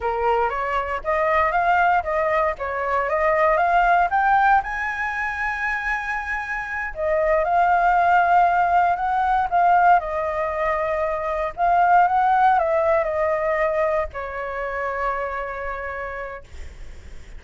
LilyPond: \new Staff \with { instrumentName = "flute" } { \time 4/4 \tempo 4 = 117 ais'4 cis''4 dis''4 f''4 | dis''4 cis''4 dis''4 f''4 | g''4 gis''2.~ | gis''4. dis''4 f''4.~ |
f''4. fis''4 f''4 dis''8~ | dis''2~ dis''8 f''4 fis''8~ | fis''8 e''4 dis''2 cis''8~ | cis''1 | }